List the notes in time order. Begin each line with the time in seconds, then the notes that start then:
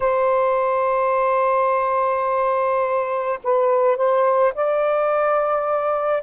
0.00 C5
3.43 B4
3.96 C5
4.54 D5